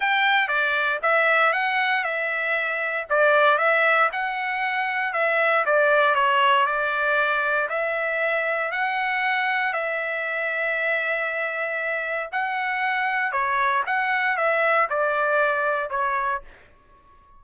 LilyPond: \new Staff \with { instrumentName = "trumpet" } { \time 4/4 \tempo 4 = 117 g''4 d''4 e''4 fis''4 | e''2 d''4 e''4 | fis''2 e''4 d''4 | cis''4 d''2 e''4~ |
e''4 fis''2 e''4~ | e''1 | fis''2 cis''4 fis''4 | e''4 d''2 cis''4 | }